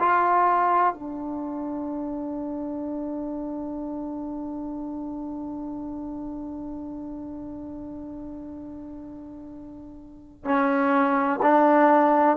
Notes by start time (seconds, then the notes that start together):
0.00 F4
0.94 D4
10.45 C#4
11.43 D4